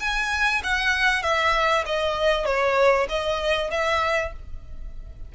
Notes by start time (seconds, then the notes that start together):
0.00 G#5
0.64 F#5
1.23 E5
1.86 D#5
2.45 C#5
3.09 D#5
3.71 E5